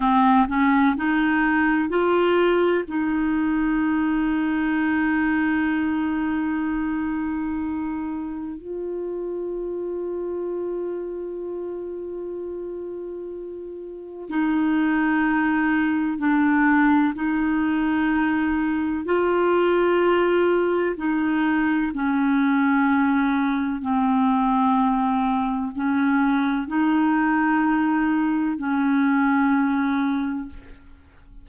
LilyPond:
\new Staff \with { instrumentName = "clarinet" } { \time 4/4 \tempo 4 = 63 c'8 cis'8 dis'4 f'4 dis'4~ | dis'1~ | dis'4 f'2.~ | f'2. dis'4~ |
dis'4 d'4 dis'2 | f'2 dis'4 cis'4~ | cis'4 c'2 cis'4 | dis'2 cis'2 | }